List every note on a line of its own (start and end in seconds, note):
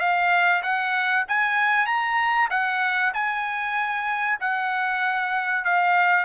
0.00 0.62 F5
0.63 1.25 F#5
1.28 1.86 G#5
1.86 2.49 A#5
2.50 3.13 F#5
3.14 4.39 G#5
4.40 5.65 F#5
5.65 6.25 F5